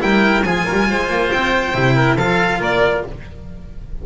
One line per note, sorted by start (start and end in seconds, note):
0.00 0.44 G3
0.00 0.43 E4
0.00 0.46 A#4
0.00 0.44 G5
0.44 0.66 F3
0.44 1.75 F4
0.44 0.65 G#4
0.44 1.30 G#5
0.65 0.87 A#4
0.71 0.91 G3
0.90 1.09 G#3
0.90 1.96 C5
1.09 1.31 A#3
1.32 1.75 C4
1.32 2.18 G5
1.75 2.17 C3
1.75 2.18 E4
1.96 2.16 A#4
2.16 2.60 F3
2.16 3.06 F4
2.16 2.59 A4
2.16 2.61 F5
2.60 3.04 A#3
2.60 3.04 A#4
2.60 3.06 D5